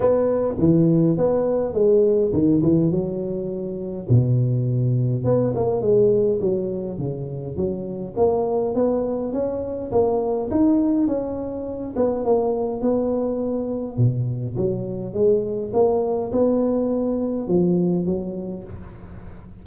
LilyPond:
\new Staff \with { instrumentName = "tuba" } { \time 4/4 \tempo 4 = 103 b4 e4 b4 gis4 | dis8 e8 fis2 b,4~ | b,4 b8 ais8 gis4 fis4 | cis4 fis4 ais4 b4 |
cis'4 ais4 dis'4 cis'4~ | cis'8 b8 ais4 b2 | b,4 fis4 gis4 ais4 | b2 f4 fis4 | }